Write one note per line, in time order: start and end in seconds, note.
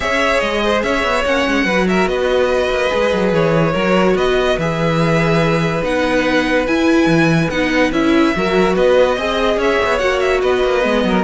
0.00 0.40 C#4
0.00 1.24 G#4
0.00 0.63 C#5
0.00 0.39 E5
0.39 0.83 G#3
0.39 0.81 D#5
0.63 0.84 C5
0.82 1.04 C#4
0.82 1.65 C#5
0.82 1.24 E5
1.04 1.24 B3
1.25 1.45 A#3
1.25 1.67 C#4
1.25 1.87 F#5
1.47 1.64 G#3
1.64 2.06 F#3
1.64 2.89 F#4
1.64 1.86 B4
1.88 2.09 A#4
1.88 2.08 E5
2.06 2.69 B3
2.06 3.72 B4
2.06 3.33 D#5
2.70 2.90 A#3
2.89 3.13 G#3
2.89 3.73 G#4
3.13 3.32 F#3
3.32 3.74 E3
3.32 4.17 C#5
3.72 4.14 F#3
3.72 4.60 F#4
3.72 4.14 A#4
4.14 4.56 B3
4.14 8.34 B4
4.14 4.58 D#5
4.57 5.82 E3
4.57 5.82 G#4
4.57 5.84 E5
5.82 6.66 B3
5.82 6.66 D#4
5.82 6.66 F#5
6.66 7.50 E4
6.66 7.06 E4
6.66 7.50 G#5
7.06 7.48 E3
7.50 7.91 B3
7.50 7.92 D#4
7.50 7.91 F#5
7.91 8.33 C#4
7.91 8.34 E4
7.91 8.76 E5
8.35 8.76 F#3
8.35 9.18 F#4
8.35 8.75 A#4
8.75 9.17 B3
8.75 9.16 B4
8.75 9.59 D#5
9.16 9.56 C4
9.16 9.99 G#4
9.16 9.57 D#5
9.56 9.77 C#4
9.56 10.40 C#5
9.56 9.98 E5
9.84 10.01 B3
9.98 10.42 A#3
9.98 10.81 F#4
9.98 10.19 F#5
10.20 10.40 E5
10.41 10.63 B3
10.41 11.04 B4
10.41 11.23 D#5
10.63 10.84 A#3
10.81 11.04 G#3
10.81 11.22 B3
11.04 11.23 F#3
11.04 11.23 A#4